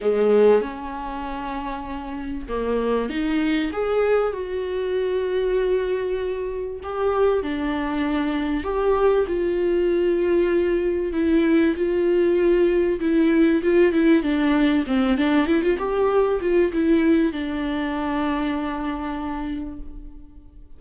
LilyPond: \new Staff \with { instrumentName = "viola" } { \time 4/4 \tempo 4 = 97 gis4 cis'2. | ais4 dis'4 gis'4 fis'4~ | fis'2. g'4 | d'2 g'4 f'4~ |
f'2 e'4 f'4~ | f'4 e'4 f'8 e'8 d'4 | c'8 d'8 e'16 f'16 g'4 f'8 e'4 | d'1 | }